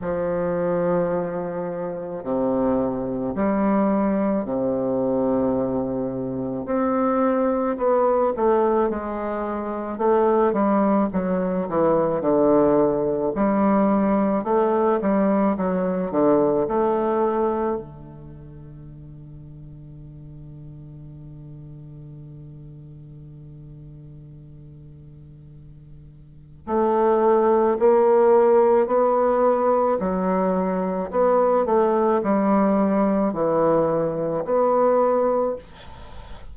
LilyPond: \new Staff \with { instrumentName = "bassoon" } { \time 4/4 \tempo 4 = 54 f2 c4 g4 | c2 c'4 b8 a8 | gis4 a8 g8 fis8 e8 d4 | g4 a8 g8 fis8 d8 a4 |
d1~ | d1 | a4 ais4 b4 fis4 | b8 a8 g4 e4 b4 | }